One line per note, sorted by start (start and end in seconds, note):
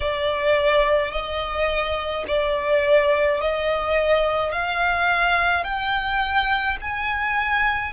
0.00 1.11 D5
1.11 2.24 D#5
2.27 3.41 D5
3.41 4.51 D#5
4.51 5.63 F5
5.63 6.77 G5
6.81 7.92 G#5